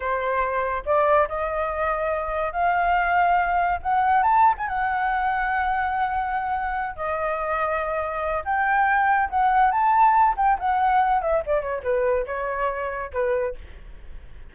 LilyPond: \new Staff \with { instrumentName = "flute" } { \time 4/4 \tempo 4 = 142 c''2 d''4 dis''4~ | dis''2 f''2~ | f''4 fis''4 a''8. gis''16 fis''4~ | fis''1~ |
fis''8 dis''2.~ dis''8 | g''2 fis''4 a''4~ | a''8 g''8 fis''4. e''8 d''8 cis''8 | b'4 cis''2 b'4 | }